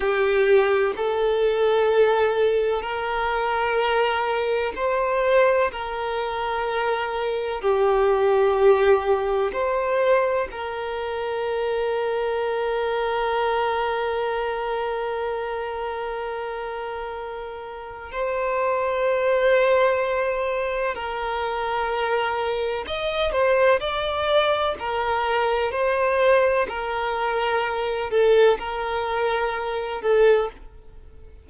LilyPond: \new Staff \with { instrumentName = "violin" } { \time 4/4 \tempo 4 = 63 g'4 a'2 ais'4~ | ais'4 c''4 ais'2 | g'2 c''4 ais'4~ | ais'1~ |
ais'2. c''4~ | c''2 ais'2 | dis''8 c''8 d''4 ais'4 c''4 | ais'4. a'8 ais'4. a'8 | }